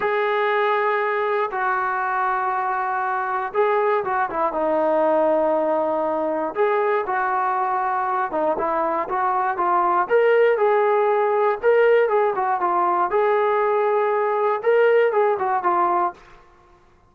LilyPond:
\new Staff \with { instrumentName = "trombone" } { \time 4/4 \tempo 4 = 119 gis'2. fis'4~ | fis'2. gis'4 | fis'8 e'8 dis'2.~ | dis'4 gis'4 fis'2~ |
fis'8 dis'8 e'4 fis'4 f'4 | ais'4 gis'2 ais'4 | gis'8 fis'8 f'4 gis'2~ | gis'4 ais'4 gis'8 fis'8 f'4 | }